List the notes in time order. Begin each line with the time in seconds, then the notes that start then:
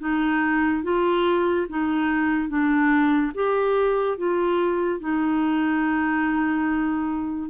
0.00 D#4
0.84 F4
1.70 D#4
2.49 D4
3.35 G4
4.18 F4
5.00 D#4